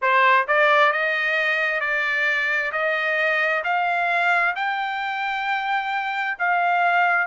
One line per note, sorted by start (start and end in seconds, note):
0.01 0.47 C5
0.47 0.92 D5
0.92 1.80 D#5
1.80 2.71 D5
2.72 3.63 D#5
3.64 4.55 F5
4.55 6.37 G5
6.38 7.26 F5